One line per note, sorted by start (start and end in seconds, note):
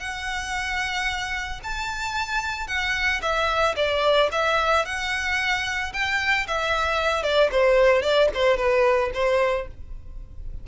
0.00 1.61 F#5
1.64 2.68 A5
2.68 3.21 F#5
3.22 3.75 E5
3.77 4.30 D5
4.32 4.86 E5
4.86 5.93 F#5
5.93 6.47 G5
6.47 7.23 E5
7.23 7.50 D5
7.52 8.02 C5
8.02 8.29 D5
8.34 8.57 C5
8.57 9.11 B4
9.14 9.68 C5